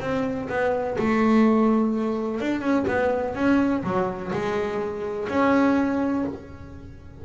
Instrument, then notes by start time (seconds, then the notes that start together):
double bass
0.00 C4
0.49 B3
0.98 A3
2.40 D4
2.61 C#4
2.87 B3
3.35 C#4
3.83 F#3
4.32 G#3
5.28 C#4